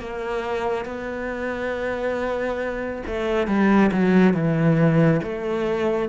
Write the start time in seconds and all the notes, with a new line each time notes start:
0.00 A#3
0.85 B3
3.07 A3
3.47 G3
3.92 F#3
4.34 E3
5.23 A3